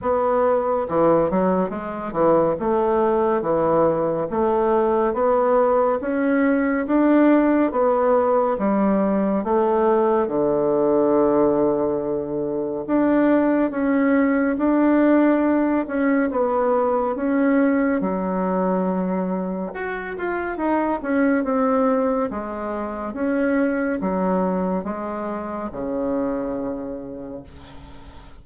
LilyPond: \new Staff \with { instrumentName = "bassoon" } { \time 4/4 \tempo 4 = 70 b4 e8 fis8 gis8 e8 a4 | e4 a4 b4 cis'4 | d'4 b4 g4 a4 | d2. d'4 |
cis'4 d'4. cis'8 b4 | cis'4 fis2 fis'8 f'8 | dis'8 cis'8 c'4 gis4 cis'4 | fis4 gis4 cis2 | }